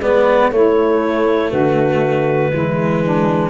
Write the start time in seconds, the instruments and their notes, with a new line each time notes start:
0.00 tuba G#3, cello B3, saxophone B4, clarinet D5
0.51 tuba A3, cello A3, saxophone E4, clarinet C#5
1.51 tuba D3, saxophone F#4, clarinet B4
2.53 tuba E3, cello G#3, saxophone E4
3.04 saxophone D4